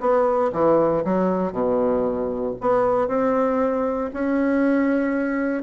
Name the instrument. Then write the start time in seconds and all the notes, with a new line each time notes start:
bassoon
0.00 B3
0.52 E3
1.04 F#3
1.52 B2
2.61 B3
3.08 C4
4.13 C#4